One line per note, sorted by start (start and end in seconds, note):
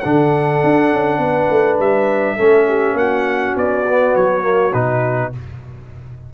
0.00 0.63 D3
0.00 2.38 D4
0.00 1.19 A4
0.00 1.76 F#5
0.63 0.92 D4
0.92 1.18 C#4
1.18 1.47 B3
1.18 2.36 B4
1.50 1.79 A3
1.79 2.38 G3
1.79 2.97 E5
2.36 2.93 A3
2.36 3.85 C#4
2.36 2.66 A4
2.67 2.97 G4
2.93 3.52 A#3
2.93 5.33 F#4
2.93 3.56 F#5
3.56 4.15 B3
3.56 4.15 D5
3.88 4.42 B3
4.15 4.73 F#3
4.15 4.73 C#5
4.42 4.71 A#3
4.73 5.32 B2
4.73 5.32 D#4
4.73 5.32 B4